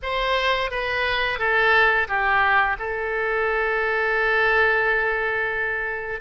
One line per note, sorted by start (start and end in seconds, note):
0.02 0.71 C5
0.71 1.38 B4
1.38 2.07 A4
2.08 2.76 G4
2.79 6.20 A4